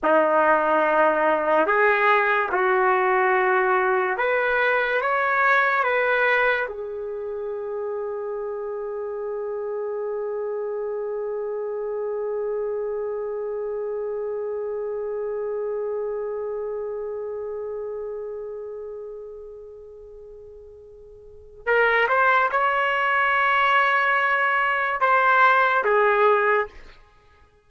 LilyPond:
\new Staff \with { instrumentName = "trumpet" } { \time 4/4 \tempo 4 = 72 dis'2 gis'4 fis'4~ | fis'4 b'4 cis''4 b'4 | gis'1~ | gis'1~ |
gis'1~ | gis'1~ | gis'2 ais'8 c''8 cis''4~ | cis''2 c''4 gis'4 | }